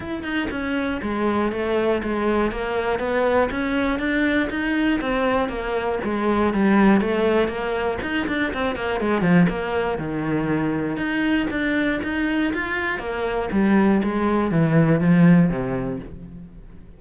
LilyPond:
\new Staff \with { instrumentName = "cello" } { \time 4/4 \tempo 4 = 120 e'8 dis'8 cis'4 gis4 a4 | gis4 ais4 b4 cis'4 | d'4 dis'4 c'4 ais4 | gis4 g4 a4 ais4 |
dis'8 d'8 c'8 ais8 gis8 f8 ais4 | dis2 dis'4 d'4 | dis'4 f'4 ais4 g4 | gis4 e4 f4 c4 | }